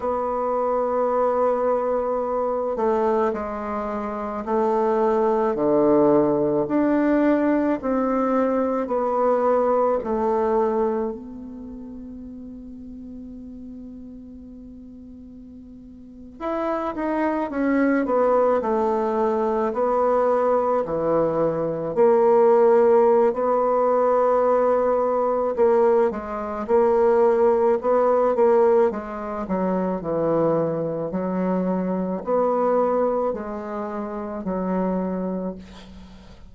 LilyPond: \new Staff \with { instrumentName = "bassoon" } { \time 4/4 \tempo 4 = 54 b2~ b8 a8 gis4 | a4 d4 d'4 c'4 | b4 a4 b2~ | b2~ b8. e'8 dis'8 cis'16~ |
cis'16 b8 a4 b4 e4 ais16~ | ais4 b2 ais8 gis8 | ais4 b8 ais8 gis8 fis8 e4 | fis4 b4 gis4 fis4 | }